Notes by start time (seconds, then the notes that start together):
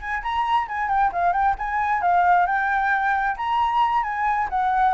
0.00 G#5
0.23 A#5
0.68 G#5
0.89 G5
1.13 F5
1.33 G5
1.58 G#5
2.02 F5
2.46 G5
3.37 A#5
4.03 G#5
4.50 F#5